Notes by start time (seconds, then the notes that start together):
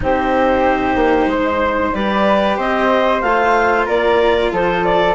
0.00 C4 D#4 G4 C5
0.95 A#3
1.26 G#3 C5
1.93 G3 G4 B4 D5
2.57 C4 C5 D#5
3.21 A3 F4 F5
3.85 A#3 A#4 D5
4.52 F3 A4 C5
4.85 D5